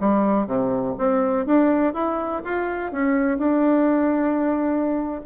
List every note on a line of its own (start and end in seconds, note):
0.00 0.47 G3
0.47 0.96 C3
0.98 1.46 C4
1.46 1.94 D4
1.94 2.43 E4
2.45 2.92 F4
2.92 3.38 C#4
3.38 5.21 D4